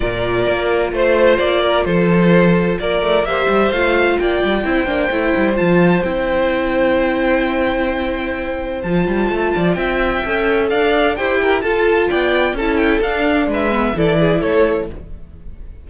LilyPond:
<<
  \new Staff \with { instrumentName = "violin" } { \time 4/4 \tempo 4 = 129 d''2 c''4 d''4 | c''2 d''4 e''4 | f''4 g''2. | a''4 g''2.~ |
g''2. a''4~ | a''4 g''2 f''4 | g''4 a''4 g''4 a''8 g''8 | f''4 e''4 d''4 cis''4 | }
  \new Staff \with { instrumentName = "violin" } { \time 4/4 ais'2 c''4. ais'8 | a'2 ais'4 c''4~ | c''4 d''4 c''2~ | c''1~ |
c''1~ | c''8 d''8 e''2 d''4 | c''8 ais'8 a'4 d''4 a'4~ | a'4 b'4 a'8 gis'8 a'4 | }
  \new Staff \with { instrumentName = "viola" } { \time 4/4 f'1~ | f'2. g'4 | f'2 e'8 d'8 e'4 | f'4 e'2.~ |
e'2. f'4~ | f'2 a'2 | g'4 f'2 e'4 | d'4. b8 e'2 | }
  \new Staff \with { instrumentName = "cello" } { \time 4/4 ais,4 ais4 a4 ais4 | f2 ais8 a8 ais8 g8 | a4 ais8 g8 c'8 ais8 a8 g8 | f4 c'2.~ |
c'2. f8 g8 | a8 f8 c'4 cis'4 d'4 | e'4 f'4 b4 cis'4 | d'4 gis4 e4 a4 | }
>>